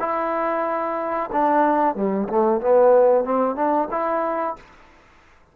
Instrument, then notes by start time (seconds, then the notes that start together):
trombone
0.00 E4
1.33 D4
1.96 G3
2.29 A3
2.61 B3
3.25 C4
3.56 D4
3.91 E4